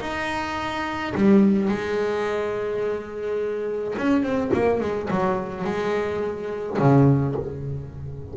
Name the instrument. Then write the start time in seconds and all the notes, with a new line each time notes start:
double bass
0.00 D#4
1.14 G3
1.68 G#3
3.98 C#4
4.22 C4
4.53 A#3
4.80 G#3
5.10 F#3
5.64 G#3
6.79 C#3